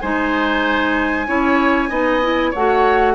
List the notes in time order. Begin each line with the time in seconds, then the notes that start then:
0.00 G#3 D#4 C5 G#5
1.27 C#4 E4 C#5
1.89 B3 D#4 D#5
2.22 E4
2.50 A3 C#5 F#5
2.56 F#4